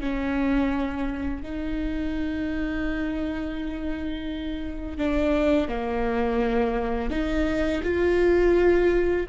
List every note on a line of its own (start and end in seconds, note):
0.00 1.42 C#4
1.42 4.98 D#4
4.98 5.68 D4
5.68 7.10 A#3
7.10 7.81 D#4
7.83 9.26 F4